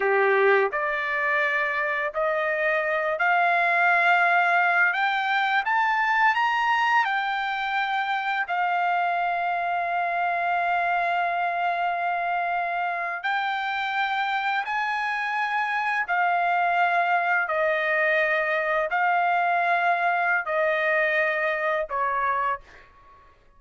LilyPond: \new Staff \with { instrumentName = "trumpet" } { \time 4/4 \tempo 4 = 85 g'4 d''2 dis''4~ | dis''8 f''2~ f''8 g''4 | a''4 ais''4 g''2 | f''1~ |
f''2~ f''8. g''4~ g''16~ | g''8. gis''2 f''4~ f''16~ | f''8. dis''2 f''4~ f''16~ | f''4 dis''2 cis''4 | }